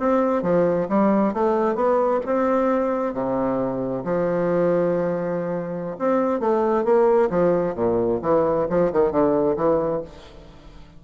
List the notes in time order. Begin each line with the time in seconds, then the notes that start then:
0.00 C4
0.43 F3
0.89 G3
1.34 A3
1.75 B3
2.26 C4
3.14 C3
4.05 F3
5.99 C4
6.40 A3
6.84 A#3
7.31 F3
7.75 A#2
8.22 E3
8.70 F3
8.93 D#3
9.11 D3
9.57 E3